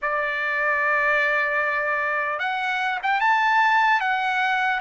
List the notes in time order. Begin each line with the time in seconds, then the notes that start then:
0.01 D5
2.39 F#5
3.02 G5
3.20 A5
4.00 F#5